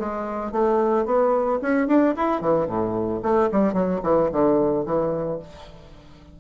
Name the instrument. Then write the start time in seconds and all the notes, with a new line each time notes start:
bassoon
0.00 G#3
0.52 A3
1.06 B3
1.62 C#4
1.88 D4
2.17 E4
2.41 E3
2.67 A2
3.23 A3
3.52 G3
3.74 F#3
4.03 E3
4.32 D3
4.86 E3